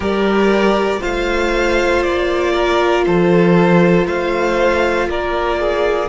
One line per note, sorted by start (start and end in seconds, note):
0.00 0.99 G3
0.00 0.99 G4
0.00 1.00 A#4
0.00 1.02 D5
0.99 2.06 A3
0.99 6.08 F4
0.99 2.53 C5
0.99 2.02 F5
2.02 3.07 A#3
2.02 3.04 D5
2.54 3.04 A#4
3.05 4.06 F3
3.05 4.06 A4
3.05 4.06 C5
4.06 5.07 A3
4.06 5.08 C5
4.06 5.09 F5
5.07 6.09 A#3
5.07 5.60 A#4
5.07 6.09 D5
5.60 6.09 G#4